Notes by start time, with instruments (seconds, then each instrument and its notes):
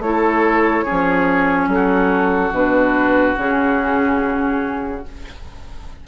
0.00 bassoon A3, clarinet E4, flute C#5
0.06 oboe A4
0.85 bassoon F3, clarinet C#4, oboe G#4
1.68 bassoon F#3, flute A4
1.74 oboe F#4
2.52 bassoon B2, clarinet D4, flute B4
3.37 bassoon C#3, clarinet C#4, flute G#4